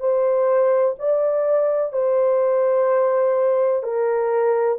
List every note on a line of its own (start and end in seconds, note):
0.00 0.96 C5
1.00 1.93 D5
1.93 3.84 C5
3.84 4.79 A#4